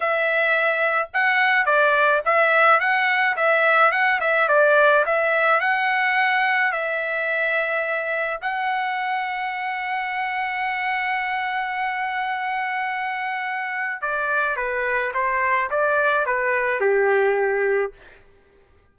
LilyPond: \new Staff \with { instrumentName = "trumpet" } { \time 4/4 \tempo 4 = 107 e''2 fis''4 d''4 | e''4 fis''4 e''4 fis''8 e''8 | d''4 e''4 fis''2 | e''2. fis''4~ |
fis''1~ | fis''1~ | fis''4 d''4 b'4 c''4 | d''4 b'4 g'2 | }